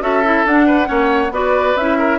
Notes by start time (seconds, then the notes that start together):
0.00 C#4 F#4 A4 E5
0.24 E4
0.45 D4 F#5
0.66 B4
0.84 A#3 C#4 C#5
1.31 B3 F#4 B4 D5
1.76 C#4 E4 E5
1.98 A#4